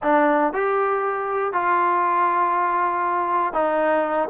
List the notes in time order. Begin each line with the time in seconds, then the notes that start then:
0.03 D4
0.53 G4
1.52 F4
3.53 D#4